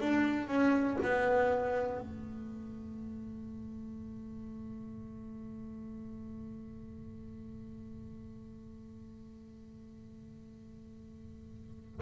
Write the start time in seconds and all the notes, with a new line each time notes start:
0.00 D4
0.47 C#4
1.02 B3
2.00 A3